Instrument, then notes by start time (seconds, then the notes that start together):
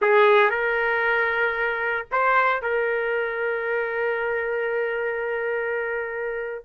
trumpet
0.01 G#4
0.50 A#4
2.11 C5
2.61 A#4